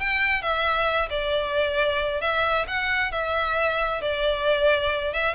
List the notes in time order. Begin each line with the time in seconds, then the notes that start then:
0.00 G5
0.42 E5
1.10 D5
2.21 E5
2.68 F#5
3.12 E5
4.02 D5
5.14 E5